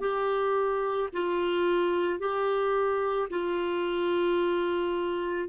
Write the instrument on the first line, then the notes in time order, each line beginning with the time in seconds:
clarinet
0.00 G4
1.13 F4
2.19 G4
3.30 F4